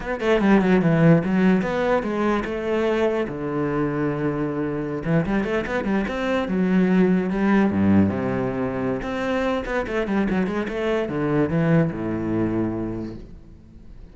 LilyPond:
\new Staff \with { instrumentName = "cello" } { \time 4/4 \tempo 4 = 146 b8 a8 g8 fis8 e4 fis4 | b4 gis4 a2 | d1~ | d16 e8 g8 a8 b8 g8 c'4 fis16~ |
fis4.~ fis16 g4 g,4 c16~ | c2 c'4. b8 | a8 g8 fis8 gis8 a4 d4 | e4 a,2. | }